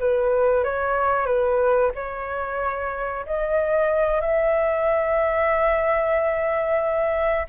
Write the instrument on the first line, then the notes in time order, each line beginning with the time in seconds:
flute
0.00 B4
0.64 C#5
1.27 B4
1.96 C#5
3.26 D#5
4.21 E5